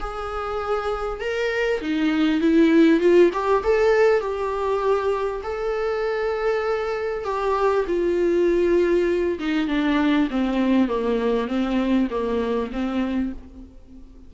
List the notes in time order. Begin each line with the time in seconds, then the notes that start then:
0.00 G#4
1.20 A#4
1.81 D#4
2.41 E4
3.00 F4
3.33 G4
3.64 A4
4.20 G4
5.43 A4
7.24 G4
7.87 F4
9.39 D#4
9.68 D4
10.30 C4
10.88 A#3
11.47 C4
12.10 A#3
12.72 C4